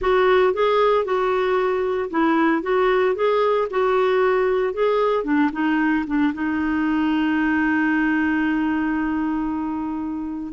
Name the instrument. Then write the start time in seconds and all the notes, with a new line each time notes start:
clarinet
0.01 F#4
0.53 G#4
1.04 F#4
2.10 E4
2.62 F#4
3.15 G#4
3.70 F#4
4.73 G#4
5.24 D4
5.52 D#4
6.06 D4
6.33 D#4